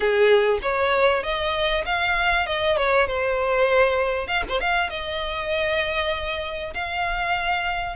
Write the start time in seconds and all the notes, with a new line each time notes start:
0.00 G#4
0.62 C#5
1.23 D#5
1.85 F5
2.46 D#5
2.76 C#5
3.07 C5
4.27 F5
4.48 C5
4.60 F5
4.90 D#5
6.73 F5